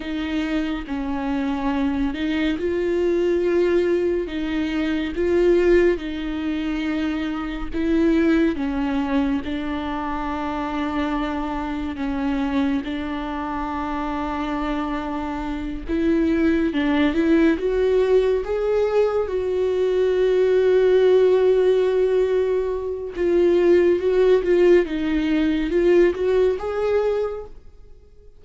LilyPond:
\new Staff \with { instrumentName = "viola" } { \time 4/4 \tempo 4 = 70 dis'4 cis'4. dis'8 f'4~ | f'4 dis'4 f'4 dis'4~ | dis'4 e'4 cis'4 d'4~ | d'2 cis'4 d'4~ |
d'2~ d'8 e'4 d'8 | e'8 fis'4 gis'4 fis'4.~ | fis'2. f'4 | fis'8 f'8 dis'4 f'8 fis'8 gis'4 | }